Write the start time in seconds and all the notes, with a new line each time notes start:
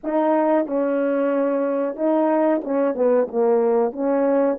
0.03 D#4
0.66 C#4
1.96 D#4
2.64 C#4
2.94 B3
3.28 A#3
3.92 C#4